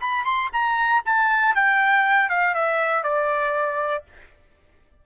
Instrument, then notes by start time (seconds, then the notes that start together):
trumpet
0.00 B5
0.25 C6
0.52 A#5
1.05 A5
1.55 G5
2.29 F5
2.54 E5
3.03 D5